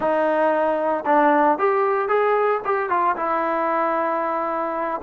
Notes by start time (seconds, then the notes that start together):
0.00 D#4
1.05 D4
1.58 G4
2.08 G#4
2.64 G4
2.89 F4
3.16 E4